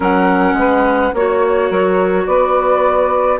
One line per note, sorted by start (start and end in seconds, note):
0.00 0.53 F#3
0.00 1.12 C#4
0.00 0.55 A#4
0.00 1.15 F#5
0.53 1.10 G#3
0.53 1.13 B4
1.13 1.70 A#3
1.13 3.39 F#4
1.13 1.68 C#5
1.13 2.26 C#5
1.68 2.26 F#3
1.68 2.25 A#4
2.26 3.39 B3
2.26 3.39 B4
2.26 3.39 D5